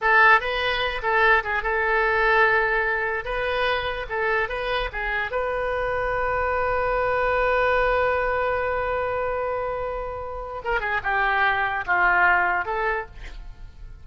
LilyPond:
\new Staff \with { instrumentName = "oboe" } { \time 4/4 \tempo 4 = 147 a'4 b'4. a'4 gis'8 | a'1 | b'2 a'4 b'4 | gis'4 b'2.~ |
b'1~ | b'1~ | b'2 ais'8 gis'8 g'4~ | g'4 f'2 a'4 | }